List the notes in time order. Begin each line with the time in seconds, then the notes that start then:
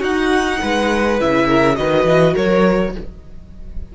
0.00 D#4 F#4 F#5
0.61 G#3 B4
1.19 C#3 E4 E5
1.47 A#4
1.74 D#3 F#4 B4 D#5
2.04 E3
2.33 F#3 A#4 C#5